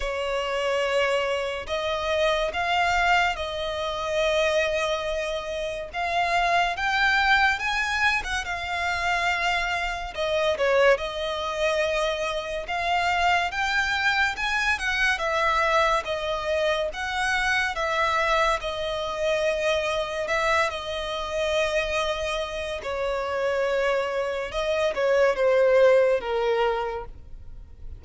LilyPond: \new Staff \with { instrumentName = "violin" } { \time 4/4 \tempo 4 = 71 cis''2 dis''4 f''4 | dis''2. f''4 | g''4 gis''8. fis''16 f''2 | dis''8 cis''8 dis''2 f''4 |
g''4 gis''8 fis''8 e''4 dis''4 | fis''4 e''4 dis''2 | e''8 dis''2~ dis''8 cis''4~ | cis''4 dis''8 cis''8 c''4 ais'4 | }